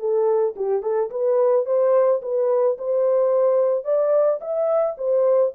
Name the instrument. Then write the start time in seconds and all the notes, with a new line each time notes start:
horn
0.00 A4
0.56 G4
0.83 A4
1.11 B4
1.66 C5
2.22 B4
2.78 C5
3.85 D5
4.41 E5
4.98 C5